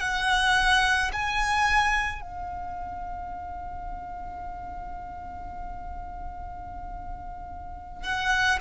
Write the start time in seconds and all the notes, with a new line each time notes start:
0.00 F#5
1.13 G#5
2.21 F5
8.03 F#5